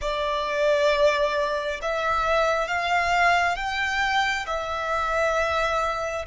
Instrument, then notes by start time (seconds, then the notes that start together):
violin
0.01 D5
1.82 E5
2.67 F5
3.56 G5
4.46 E5